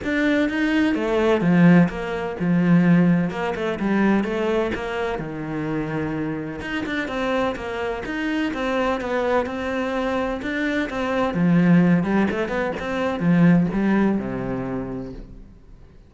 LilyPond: \new Staff \with { instrumentName = "cello" } { \time 4/4 \tempo 4 = 127 d'4 dis'4 a4 f4 | ais4 f2 ais8 a8 | g4 a4 ais4 dis4~ | dis2 dis'8 d'8 c'4 |
ais4 dis'4 c'4 b4 | c'2 d'4 c'4 | f4. g8 a8 b8 c'4 | f4 g4 c2 | }